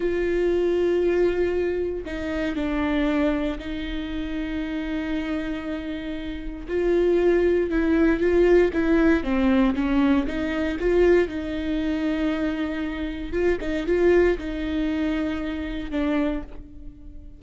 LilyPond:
\new Staff \with { instrumentName = "viola" } { \time 4/4 \tempo 4 = 117 f'1 | dis'4 d'2 dis'4~ | dis'1~ | dis'4 f'2 e'4 |
f'4 e'4 c'4 cis'4 | dis'4 f'4 dis'2~ | dis'2 f'8 dis'8 f'4 | dis'2. d'4 | }